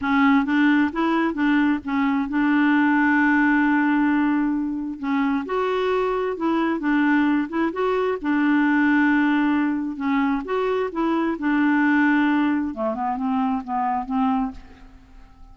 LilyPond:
\new Staff \with { instrumentName = "clarinet" } { \time 4/4 \tempo 4 = 132 cis'4 d'4 e'4 d'4 | cis'4 d'2.~ | d'2. cis'4 | fis'2 e'4 d'4~ |
d'8 e'8 fis'4 d'2~ | d'2 cis'4 fis'4 | e'4 d'2. | a8 b8 c'4 b4 c'4 | }